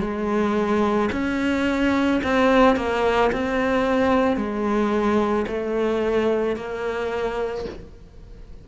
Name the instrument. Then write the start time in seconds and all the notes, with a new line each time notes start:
cello
0.00 G#3
1.12 C#4
2.23 C4
2.76 A#3
3.32 C4
4.36 G#3
5.47 A3
6.56 A#3